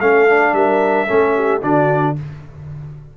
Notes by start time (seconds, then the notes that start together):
0.00 A3 C#4 A4 F5
0.29 D4
0.53 G3 A#4 E5
1.07 A3 C#4 A4
1.35 G4
1.61 D3 D4 F#4 D5